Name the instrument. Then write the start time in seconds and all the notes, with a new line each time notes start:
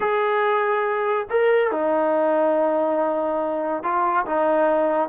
trombone
0.00 G#4
1.30 A#4
1.71 D#4
3.83 F4
4.26 D#4